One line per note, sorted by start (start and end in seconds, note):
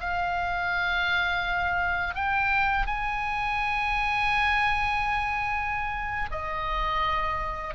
0.00 2.15 F5
2.15 2.87 G5
2.87 6.30 G#5
6.31 7.75 D#5